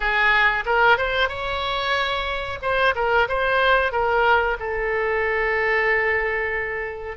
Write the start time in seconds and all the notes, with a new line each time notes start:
0.00 G#4
0.65 A#4
0.97 C5
1.28 C#5
2.61 C5
2.95 A#4
3.28 C5
3.92 A#4
4.59 A4